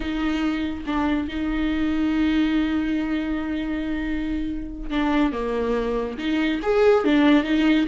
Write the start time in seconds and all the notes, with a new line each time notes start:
0.00 D#4
0.86 D4
1.28 D#4
4.90 D4
5.32 A#3
6.18 D#4
6.62 G#4
7.04 D4
7.43 D#4